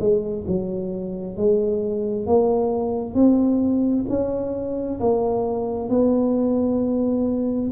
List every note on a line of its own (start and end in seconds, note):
0.00 0.45 G#3
0.47 1.37 F#3
1.37 2.26 G#3
2.26 3.14 A#3
3.14 4.05 C4
4.09 5.00 C#4
5.00 5.89 A#3
5.89 7.71 B3